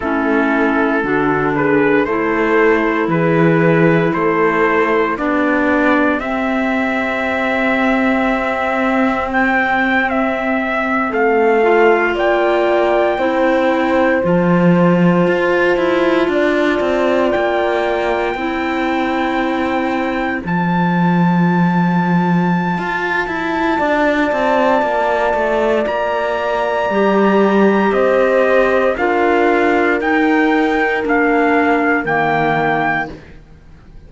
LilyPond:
<<
  \new Staff \with { instrumentName = "trumpet" } { \time 4/4 \tempo 4 = 58 a'4. b'8 c''4 b'4 | c''4 d''4 e''2~ | e''4 g''8. e''4 f''4 g''16~ | g''4.~ g''16 a''2~ a''16~ |
a''8. g''2. a''16~ | a''1~ | a''4 ais''2 dis''4 | f''4 g''4 f''4 g''4 | }
  \new Staff \with { instrumentName = "horn" } { \time 4/4 e'4 fis'8 gis'8 a'4 gis'4 | a'4 g'2.~ | g'2~ g'8. a'4 d''16~ | d''8. c''2. d''16~ |
d''4.~ d''16 c''2~ c''16~ | c''2. d''4~ | d''2. c''4 | ais'1 | }
  \new Staff \with { instrumentName = "clarinet" } { \time 4/4 cis'4 d'4 e'2~ | e'4 d'4 c'2~ | c'2.~ c'16 f'8.~ | f'8. e'4 f'2~ f'16~ |
f'4.~ f'16 e'2 f'16~ | f'1~ | f'2 g'2 | f'4 dis'4 d'4 ais4 | }
  \new Staff \with { instrumentName = "cello" } { \time 4/4 a4 d4 a4 e4 | a4 b4 c'2~ | c'2~ c'8. a4 ais16~ | ais8. c'4 f4 f'8 e'8 d'16~ |
d'16 c'8 ais4 c'2 f16~ | f2 f'8 e'8 d'8 c'8 | ais8 a8 ais4 g4 c'4 | d'4 dis'4 ais4 dis4 | }
>>